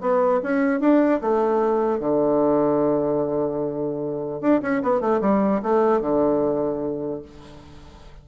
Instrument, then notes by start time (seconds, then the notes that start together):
bassoon
0.00 B3
0.42 C#4
0.80 D4
1.21 A3
2.00 D3
4.41 D4
4.62 C#4
4.82 B3
5.00 A3
5.21 G3
5.62 A3
6.01 D3